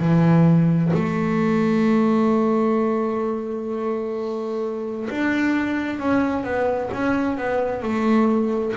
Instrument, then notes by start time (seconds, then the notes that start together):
double bass
0.00 E3
0.94 A3
5.10 D4
6.00 C#4
6.44 B3
6.93 C#4
7.38 B3
7.83 A3